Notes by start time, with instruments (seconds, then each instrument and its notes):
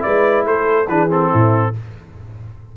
0.00 tuba G#3, trombone E4, horn B4, trumpet D5
0.45 tuba A3, horn A4, trumpet C5
0.88 tuba E3, trombone D4, horn G#4, trumpet B4
1.10 trombone C4, trumpet A4
1.30 tuba A2, horn E4